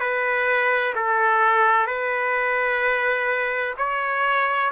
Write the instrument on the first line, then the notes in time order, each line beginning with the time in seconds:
trumpet
0.00 B4
0.95 A4
1.87 B4
3.78 C#5